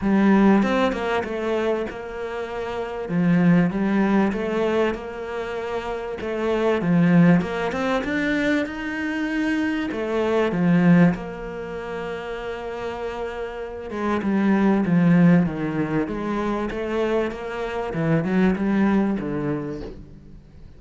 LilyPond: \new Staff \with { instrumentName = "cello" } { \time 4/4 \tempo 4 = 97 g4 c'8 ais8 a4 ais4~ | ais4 f4 g4 a4 | ais2 a4 f4 | ais8 c'8 d'4 dis'2 |
a4 f4 ais2~ | ais2~ ais8 gis8 g4 | f4 dis4 gis4 a4 | ais4 e8 fis8 g4 d4 | }